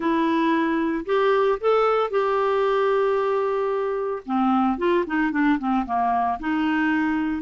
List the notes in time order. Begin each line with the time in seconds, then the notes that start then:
0.00 E4
1.05 G4
1.60 A4
2.10 G4
4.25 C4
4.78 F4
5.06 D#4
5.31 D4
5.58 C4
5.85 A#3
6.39 D#4